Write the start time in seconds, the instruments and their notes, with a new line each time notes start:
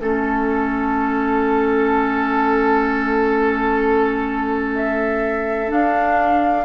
0.00 bassoon A3, clarinet C#4, flute A4, oboe A4
4.75 flute E5
5.68 clarinet D4, bassoon D4, flute F5